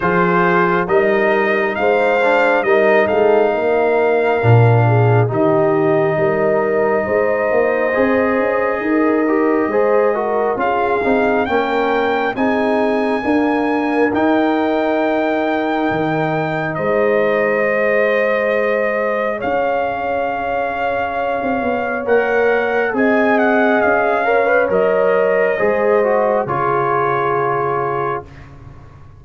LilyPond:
<<
  \new Staff \with { instrumentName = "trumpet" } { \time 4/4 \tempo 4 = 68 c''4 dis''4 f''4 dis''8 f''8~ | f''2 dis''2~ | dis''1 | f''4 g''4 gis''2 |
g''2. dis''4~ | dis''2 f''2~ | f''4 fis''4 gis''8 fis''8 f''4 | dis''2 cis''2 | }
  \new Staff \with { instrumentName = "horn" } { \time 4/4 gis'4 ais'4 c''4 ais'8 a'8 | ais'4. gis'8 g'4 ais'4 | c''2 ais'4 c''8 ais'8 | gis'4 ais'4 gis'4 ais'4~ |
ais'2. c''4~ | c''2 cis''2~ | cis''2 dis''4. cis''8~ | cis''4 c''4 gis'2 | }
  \new Staff \with { instrumentName = "trombone" } { \time 4/4 f'4 dis'4. d'8 dis'4~ | dis'4 d'4 dis'2~ | dis'4 gis'4. g'8 gis'8 fis'8 | f'8 dis'8 cis'4 dis'4 ais4 |
dis'1 | gis'1~ | gis'4 ais'4 gis'4. ais'16 b'16 | ais'4 gis'8 fis'8 f'2 | }
  \new Staff \with { instrumentName = "tuba" } { \time 4/4 f4 g4 gis4 g8 gis8 | ais4 ais,4 dis4 g4 | gis8 ais8 c'8 cis'8 dis'4 gis4 | cis'8 c'8 ais4 c'4 d'4 |
dis'2 dis4 gis4~ | gis2 cis'2~ | cis'16 c'16 b8 ais4 c'4 cis'4 | fis4 gis4 cis2 | }
>>